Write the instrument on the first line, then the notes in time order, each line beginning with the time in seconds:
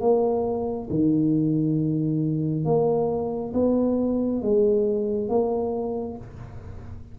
tuba
0.00 A#3
0.90 D#3
2.64 A#3
3.53 B3
4.42 G#3
5.29 A#3